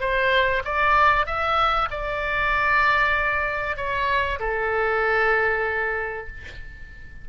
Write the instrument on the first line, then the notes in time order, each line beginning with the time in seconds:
oboe
0.00 C5
0.64 D5
1.26 E5
1.90 D5
3.76 C#5
4.39 A4